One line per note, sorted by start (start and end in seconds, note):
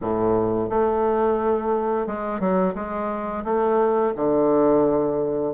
0.01 0.69 A2
0.69 2.06 A3
2.06 2.39 G#3
2.39 2.74 F#3
2.75 3.44 G#3
3.44 4.13 A3
4.15 5.53 D3